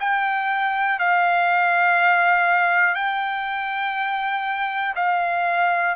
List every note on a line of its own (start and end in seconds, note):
0.00 0.99 G5
0.99 2.95 F5
2.95 4.95 G5
4.96 5.96 F5